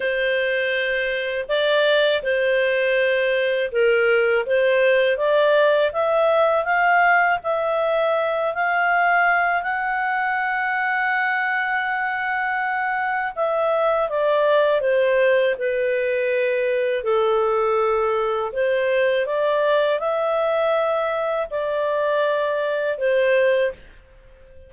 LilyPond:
\new Staff \with { instrumentName = "clarinet" } { \time 4/4 \tempo 4 = 81 c''2 d''4 c''4~ | c''4 ais'4 c''4 d''4 | e''4 f''4 e''4. f''8~ | f''4 fis''2.~ |
fis''2 e''4 d''4 | c''4 b'2 a'4~ | a'4 c''4 d''4 e''4~ | e''4 d''2 c''4 | }